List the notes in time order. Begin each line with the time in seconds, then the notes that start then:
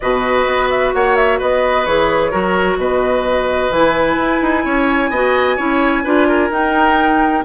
0.00 B2 F#4 B4 D#5
0.47 B3
0.69 E5
0.93 A#3 C#5 F#5
1.16 E5
1.38 B3 B4 D#5
1.85 E3 G#4 C#5
2.30 F#3 F#4 A#4
2.77 B2 B4 D#5
3.70 E3 E4 G#5
4.16 E4
4.41 D#4
4.64 C#4 C#5
5.10 B3 F#4 D#5
5.56 C#4 E4 C#5
6.04 D4 F4 B4
6.28 A#4
6.50 D#4 G5